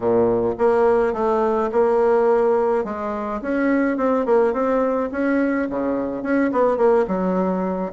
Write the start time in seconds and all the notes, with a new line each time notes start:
0.00 A#2
0.58 A#3
1.13 A3
1.71 A#3
2.84 G#3
3.41 C#4
3.97 C4
4.25 A#3
4.53 C4
5.11 C#4
5.69 C#3
6.22 C#4
6.51 B3
6.77 A#3
7.07 F#3